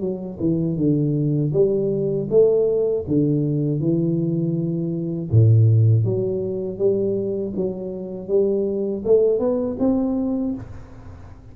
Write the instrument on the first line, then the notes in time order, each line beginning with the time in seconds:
tuba
0.00 F#3
0.40 E3
0.77 D3
1.53 G3
2.30 A3
3.07 D3
3.80 E3
5.31 A2
6.04 F#3
6.78 G3
7.56 F#3
8.28 G3
9.05 A3
9.40 B3
9.79 C4